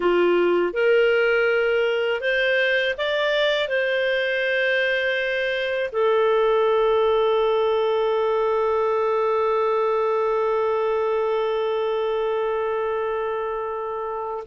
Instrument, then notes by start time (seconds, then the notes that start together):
clarinet
0.00 F4
0.73 A#4
2.21 C5
2.97 D5
3.68 C5
5.92 A4